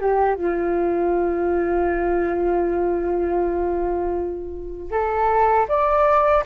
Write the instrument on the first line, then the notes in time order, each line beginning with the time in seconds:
flute
0.00 G4
0.35 F4
4.91 A4
5.68 D5